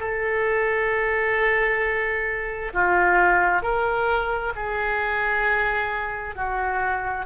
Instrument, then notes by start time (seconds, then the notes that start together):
oboe
0.00 A4
2.74 F4
3.62 A#4
4.55 G#4
6.36 F#4